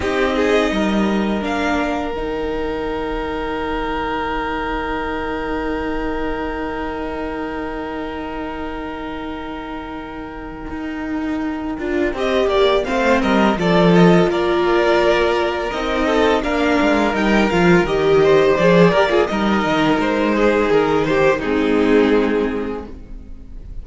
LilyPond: <<
  \new Staff \with { instrumentName = "violin" } { \time 4/4 \tempo 4 = 84 dis''2 f''4 g''4~ | g''1~ | g''1~ | g''1~ |
g''2 f''8 dis''8 d''8 dis''8 | d''2 dis''4 f''4 | g''8 f''8 dis''4 d''4 dis''4 | c''4 ais'8 c''8 gis'2 | }
  \new Staff \with { instrumentName = "violin" } { \time 4/4 g'8 gis'8 ais'2.~ | ais'1~ | ais'1~ | ais'1~ |
ais'4 dis''8 d''8 c''8 ais'8 a'4 | ais'2~ ais'8 a'8 ais'4~ | ais'4. c''4 ais'16 gis'16 ais'4~ | ais'8 gis'4 g'8 dis'2 | }
  \new Staff \with { instrumentName = "viola" } { \time 4/4 dis'2 d'4 dis'4~ | dis'1~ | dis'1~ | dis'1~ |
dis'8 f'8 g'4 c'4 f'4~ | f'2 dis'4 d'4 | dis'8 f'8 g'4 gis'8 g'16 f'16 dis'4~ | dis'2 c'2 | }
  \new Staff \with { instrumentName = "cello" } { \time 4/4 c'4 g4 ais4 dis4~ | dis1~ | dis1~ | dis2. dis'4~ |
dis'8 d'8 c'8 ais8 a8 g8 f4 | ais2 c'4 ais8 gis8 | g8 f8 dis4 f8 ais8 g8 dis8 | gis4 dis4 gis2 | }
>>